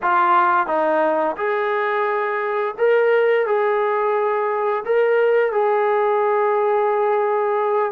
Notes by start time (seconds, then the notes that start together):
0.02 F4
0.66 D#4
1.36 G#4
2.78 A#4
3.46 G#4
4.85 A#4
5.52 G#4